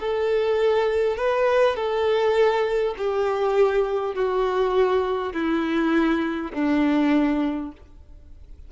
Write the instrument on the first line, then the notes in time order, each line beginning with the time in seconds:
violin
0.00 A4
1.17 B4
1.76 A4
2.98 G4
4.15 F#4
5.33 E4
6.53 D4